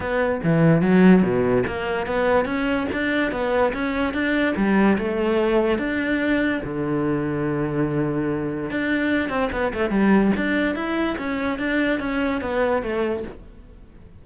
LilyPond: \new Staff \with { instrumentName = "cello" } { \time 4/4 \tempo 4 = 145 b4 e4 fis4 b,4 | ais4 b4 cis'4 d'4 | b4 cis'4 d'4 g4 | a2 d'2 |
d1~ | d4 d'4. c'8 b8 a8 | g4 d'4 e'4 cis'4 | d'4 cis'4 b4 a4 | }